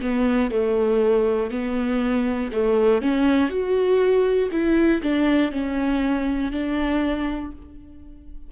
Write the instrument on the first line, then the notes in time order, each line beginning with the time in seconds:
viola
0.00 B3
0.50 A3
1.50 B3
2.52 A3
3.01 C#4
3.49 F#4
4.51 E4
5.01 D4
5.51 C#4
6.51 D4